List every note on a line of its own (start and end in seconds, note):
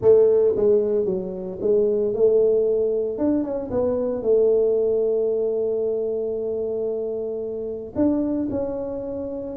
0.01 0.54 A3
0.56 1.05 G#3
1.05 1.58 F#3
1.61 2.13 G#3
2.13 3.17 A3
3.17 3.43 D4
3.43 3.70 C#4
3.70 4.21 B3
4.21 7.93 A3
7.95 8.48 D4
8.50 9.56 C#4